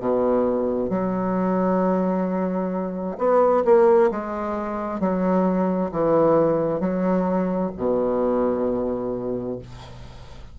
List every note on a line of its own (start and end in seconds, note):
0.00 0.90 B2
0.90 3.17 F#3
3.18 3.64 B3
3.65 4.10 A#3
4.11 5.00 G#3
5.00 5.91 F#3
5.92 6.80 E3
6.80 7.71 F#3
7.77 9.59 B2